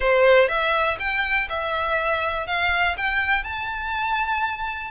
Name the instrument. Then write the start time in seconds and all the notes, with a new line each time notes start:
violin
0.00 C5
0.48 E5
0.99 G5
1.49 E5
2.47 F5
2.97 G5
3.43 A5